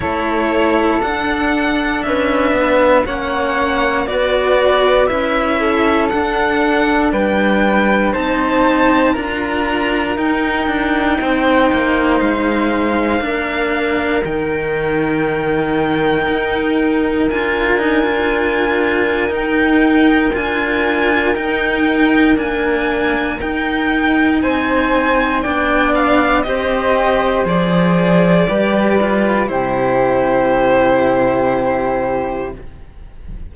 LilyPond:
<<
  \new Staff \with { instrumentName = "violin" } { \time 4/4 \tempo 4 = 59 cis''4 fis''4 e''4 fis''4 | d''4 e''4 fis''4 g''4 | a''4 ais''4 g''2 | f''2 g''2~ |
g''4 gis''2 g''4 | gis''4 g''4 gis''4 g''4 | gis''4 g''8 f''8 dis''4 d''4~ | d''4 c''2. | }
  \new Staff \with { instrumentName = "flute" } { \time 4/4 a'2 b'4 cis''4 | b'4. a'4. b'4 | c''4 ais'2 c''4~ | c''4 ais'2.~ |
ais'1~ | ais'1 | c''4 d''4 c''2 | b'4 g'2. | }
  \new Staff \with { instrumentName = "cello" } { \time 4/4 e'4 d'2 cis'4 | fis'4 e'4 d'2 | dis'4 f'4 dis'2~ | dis'4 d'4 dis'2~ |
dis'4 f'8 dis'16 f'4~ f'16 dis'4 | f'4 dis'4 ais4 dis'4~ | dis'4 d'4 g'4 gis'4 | g'8 f'8 e'2. | }
  \new Staff \with { instrumentName = "cello" } { \time 4/4 a4 d'4 cis'8 b8 ais4 | b4 cis'4 d'4 g4 | c'4 d'4 dis'8 d'8 c'8 ais8 | gis4 ais4 dis2 |
dis'4 d'2 dis'4 | d'4 dis'4 d'4 dis'4 | c'4 b4 c'4 f4 | g4 c2. | }
>>